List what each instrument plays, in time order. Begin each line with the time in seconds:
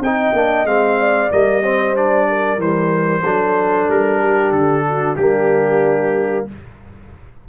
0.00 tuba C4, trombone D#4, horn D#5, trumpet G5
0.33 tuba A#3, trombone D4
0.64 tuba G#3, trombone C4, trumpet F5
1.00 horn D5
1.30 tuba G3, trombone A#3, trumpet D#5
1.63 trombone C4, horn C5
1.95 trombone D4, trumpet D5
2.29 horn A#4
2.58 tuba E3, trombone G3, trumpet C5
3.24 tuba F#3, trombone D4, horn A4
3.89 tuba G3, trumpet A#4
4.20 horn G4
4.52 tuba D3, trumpet A4
4.89 horn F#4
5.17 tuba G3, trombone A#3, horn D4, trumpet G4